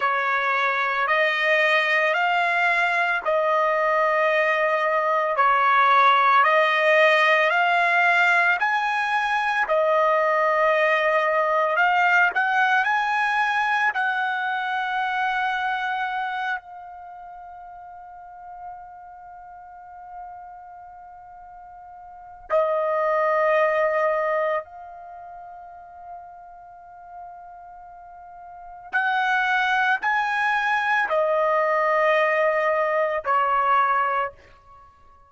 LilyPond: \new Staff \with { instrumentName = "trumpet" } { \time 4/4 \tempo 4 = 56 cis''4 dis''4 f''4 dis''4~ | dis''4 cis''4 dis''4 f''4 | gis''4 dis''2 f''8 fis''8 | gis''4 fis''2~ fis''8 f''8~ |
f''1~ | f''4 dis''2 f''4~ | f''2. fis''4 | gis''4 dis''2 cis''4 | }